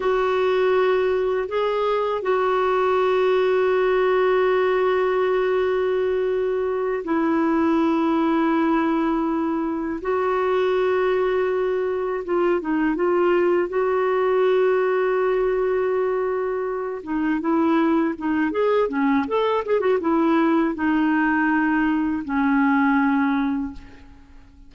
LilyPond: \new Staff \with { instrumentName = "clarinet" } { \time 4/4 \tempo 4 = 81 fis'2 gis'4 fis'4~ | fis'1~ | fis'4. e'2~ e'8~ | e'4. fis'2~ fis'8~ |
fis'8 f'8 dis'8 f'4 fis'4.~ | fis'2. dis'8 e'8~ | e'8 dis'8 gis'8 cis'8 a'8 gis'16 fis'16 e'4 | dis'2 cis'2 | }